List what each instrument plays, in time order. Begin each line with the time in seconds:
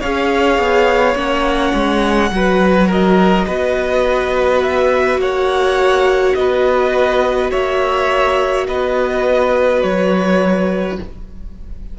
0.00 cello C#4, viola G#4, violin C#5 F5
0.58 cello B3
1.15 cello A#3, viola C#4, violin F#5
1.74 cello G#3
2.31 cello F#3, viola F#4, violin B4
2.88 violin A#4 D#5
3.47 cello B3, violin B4
4.63 violin E5
5.19 cello A#3, violin C#5 F#5
6.35 cello B3, violin B4 D#5
7.51 cello A#3, violin C#5 E5
8.68 cello B3, violin B4 D#5
9.82 cello F#3, violin C#5